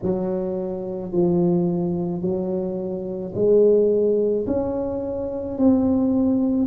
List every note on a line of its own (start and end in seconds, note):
0.02 1.12 F#3
1.12 2.21 F3
2.21 3.32 F#3
3.34 4.45 G#3
4.46 5.58 C#4
5.58 6.67 C4